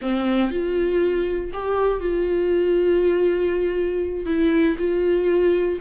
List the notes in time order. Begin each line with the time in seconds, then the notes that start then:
0.01 C4
0.50 F4
1.53 G4
2.00 F4
4.25 E4
4.78 F4